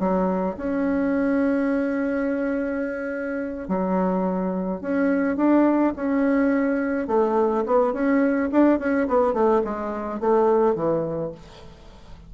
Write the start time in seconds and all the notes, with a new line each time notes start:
0.00 F#3
0.57 C#4
3.68 F#3
4.82 C#4
5.37 D4
5.96 C#4
7.08 A3
7.66 B3
7.93 C#4
8.52 D4
8.79 C#4
9.08 B3
9.34 A3
9.65 G#3
10.20 A3
10.75 E3